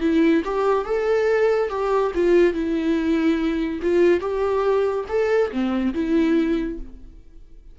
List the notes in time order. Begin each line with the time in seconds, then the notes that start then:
0.00 E4
0.44 G4
0.85 A4
1.69 G4
2.14 F4
2.53 E4
3.81 F4
4.20 G4
5.08 A4
5.51 C4
5.93 E4